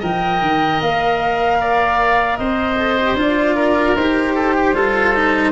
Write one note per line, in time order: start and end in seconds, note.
0.00 0.42 F3
0.00 2.77 A#4
0.00 1.58 D#5
0.00 0.81 G5
0.42 0.81 D#3
0.81 2.39 A#3
0.81 2.37 F5
1.61 2.39 D5
2.37 3.15 C4
2.37 3.56 C5
2.37 3.16 D#5
2.78 2.98 A4
2.98 3.17 G4
3.15 3.94 D4
3.15 3.97 F4
3.15 3.96 D5
3.56 4.35 A#4
3.96 4.73 D#4
3.96 4.75 G4
3.96 5.52 C5
4.35 4.55 A4
4.56 4.75 G4
4.73 5.52 G3
4.73 5.14 F4
4.73 5.52 A4
5.14 5.52 D#4